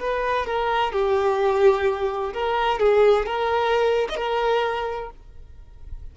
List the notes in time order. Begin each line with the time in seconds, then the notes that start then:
0.00 B4
0.46 A#4
0.93 G4
2.34 A#4
2.80 G#4
3.26 A#4
4.09 D#5
4.17 A#4